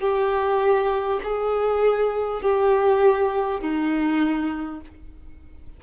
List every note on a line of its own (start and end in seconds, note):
0.00 1.20 G4
1.23 2.42 G#4
2.42 3.60 G4
3.60 4.80 D#4